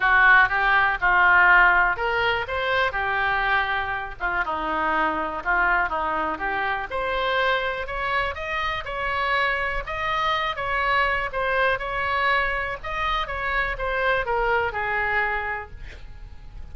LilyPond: \new Staff \with { instrumentName = "oboe" } { \time 4/4 \tempo 4 = 122 fis'4 g'4 f'2 | ais'4 c''4 g'2~ | g'8 f'8 dis'2 f'4 | dis'4 g'4 c''2 |
cis''4 dis''4 cis''2 | dis''4. cis''4. c''4 | cis''2 dis''4 cis''4 | c''4 ais'4 gis'2 | }